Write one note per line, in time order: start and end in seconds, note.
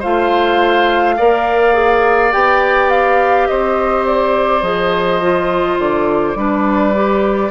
0.00 1.19 A3
0.00 1.18 F4
0.00 1.15 C5
0.00 2.32 F5
1.17 2.34 A#3
1.17 1.73 A#4
1.17 3.48 D5
1.73 2.31 G#4
2.32 3.49 B3
2.32 4.62 G4
2.32 2.90 G5
2.90 3.48 F5
3.48 4.62 C4
3.48 6.38 C5
3.48 4.05 D#5
4.06 4.63 D5
4.62 5.78 F3
4.62 5.21 G#4
4.62 5.78 D#5
5.22 6.36 F4
5.79 6.36 D3
5.79 7.51 D5
6.36 7.51 G3
6.36 6.94 D4
6.36 7.51 B4
6.95 7.51 G4